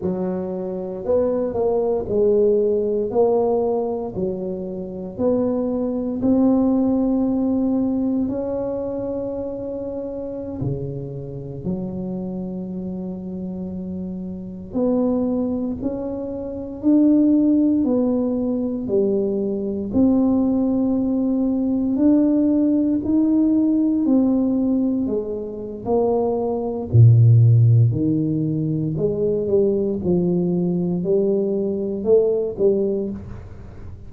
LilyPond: \new Staff \with { instrumentName = "tuba" } { \time 4/4 \tempo 4 = 58 fis4 b8 ais8 gis4 ais4 | fis4 b4 c'2 | cis'2~ cis'16 cis4 fis8.~ | fis2~ fis16 b4 cis'8.~ |
cis'16 d'4 b4 g4 c'8.~ | c'4~ c'16 d'4 dis'4 c'8.~ | c'16 gis8. ais4 ais,4 dis4 | gis8 g8 f4 g4 a8 g8 | }